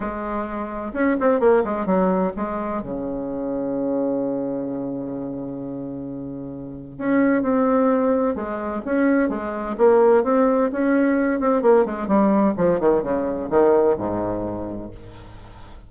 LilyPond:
\new Staff \with { instrumentName = "bassoon" } { \time 4/4 \tempo 4 = 129 gis2 cis'8 c'8 ais8 gis8 | fis4 gis4 cis2~ | cis1~ | cis2. cis'4 |
c'2 gis4 cis'4 | gis4 ais4 c'4 cis'4~ | cis'8 c'8 ais8 gis8 g4 f8 dis8 | cis4 dis4 gis,2 | }